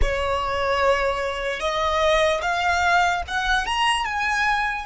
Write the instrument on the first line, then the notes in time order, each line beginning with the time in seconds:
violin
0.01 C#5
1.60 D#5
2.41 F5
3.27 F#5
3.66 A#5
4.05 G#5